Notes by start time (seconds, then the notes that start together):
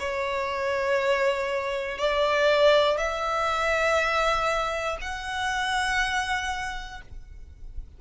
0.00 C#5
1.98 D5
2.98 E5
5.01 F#5